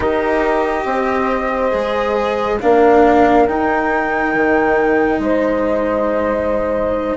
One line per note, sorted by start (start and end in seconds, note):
0.00 0.85 D#4
0.00 1.71 G4
0.00 0.86 A#4
0.00 2.60 D#5
0.85 1.72 C4
0.85 2.62 C5
1.71 2.60 G#3
1.71 2.58 G#4
2.61 3.47 A#3
2.61 3.48 D4
2.61 5.22 A#4
2.61 3.47 F5
3.47 4.34 D#4
3.47 7.16 D#4
3.47 5.21 G5
4.34 5.19 D#3
5.19 7.14 G#3
5.19 7.16 C5
5.19 7.16 D#5